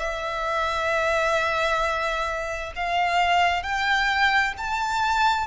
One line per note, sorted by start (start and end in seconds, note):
0.00 2.73 E5
2.76 3.63 F5
3.63 4.54 G5
4.58 5.48 A5